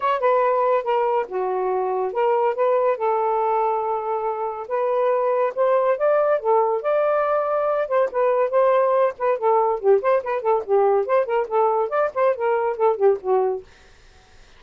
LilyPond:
\new Staff \with { instrumentName = "saxophone" } { \time 4/4 \tempo 4 = 141 cis''8 b'4. ais'4 fis'4~ | fis'4 ais'4 b'4 a'4~ | a'2. b'4~ | b'4 c''4 d''4 a'4 |
d''2~ d''8 c''8 b'4 | c''4. b'8 a'4 g'8 c''8 | b'8 a'8 g'4 c''8 ais'8 a'4 | d''8 c''8 ais'4 a'8 g'8 fis'4 | }